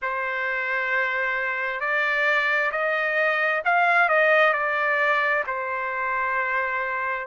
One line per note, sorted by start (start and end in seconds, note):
0.02 1.80 C5
1.80 2.71 D5
2.71 3.62 D#5
3.64 4.09 F5
4.09 4.53 D#5
4.53 5.44 D5
5.47 7.27 C5